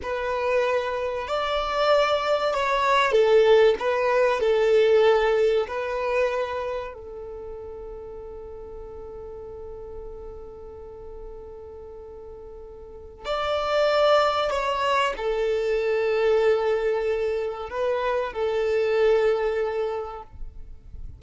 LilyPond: \new Staff \with { instrumentName = "violin" } { \time 4/4 \tempo 4 = 95 b'2 d''2 | cis''4 a'4 b'4 a'4~ | a'4 b'2 a'4~ | a'1~ |
a'1~ | a'4 d''2 cis''4 | a'1 | b'4 a'2. | }